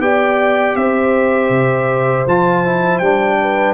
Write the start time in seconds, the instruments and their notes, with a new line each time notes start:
0.00 tuba B3, trombone G4, horn D5, trumpet G5
0.76 tuba C4, horn C5, trumpet E5
1.50 tuba C3
2.27 tuba F3, trombone F4, trumpet A5
2.65 trombone E4
2.99 tuba G3, trombone D4, trumpet G5
3.42 horn B4